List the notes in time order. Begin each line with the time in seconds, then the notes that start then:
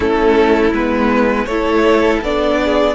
0.00 A3 C#4 E4 A4
0.72 G#3 B3 B4
1.46 A3 E4 A4 C#5
2.21 B3 D4 D5
2.62 G#4